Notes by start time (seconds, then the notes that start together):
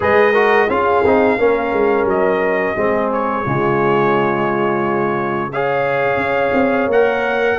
0.00 G#3 G#4 B4 D#5
0.32 F#4 A#4
0.68 C#4 F4 G#4 F5
1.04 C4 D#4
1.38 A#3 C#4 A#4
1.72 G#3
2.05 F#3 D#5
2.75 G#3 C4 G#4
3.12 C#5
3.44 C#3 G#3 F4
5.51 G#4 C#5 F5
6.16 C#4
6.53 C4
6.86 A#3 A#4 F#5